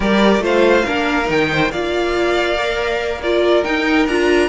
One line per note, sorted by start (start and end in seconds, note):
0.00 0.39 G3
0.00 0.40 G4
0.00 0.42 A#4
0.00 0.43 D5
0.39 0.82 A3
0.39 0.83 F4
0.39 0.85 C5
0.39 1.30 F5
0.85 1.29 A#3
0.85 1.24 D4
0.85 1.49 A#4
1.24 1.71 D#3
1.24 1.67 D#4
1.30 1.71 G5
1.51 1.71 C5
1.71 3.64 A#3
1.71 2.57 F4
1.71 3.21 D5
1.71 3.21 F5
2.57 3.21 A#4
3.22 3.63 F4
3.22 4.49 A#4
3.22 3.64 D5
3.63 4.06 D#4
3.63 4.07 D#4
3.63 4.07 G5
4.07 4.49 D4
4.07 4.49 F4
4.07 4.49 A#5